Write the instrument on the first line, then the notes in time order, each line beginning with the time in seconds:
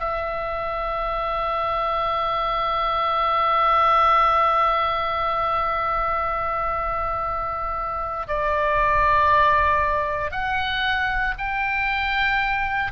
oboe
0.00 E5
8.28 D5
10.31 F#5
11.38 G5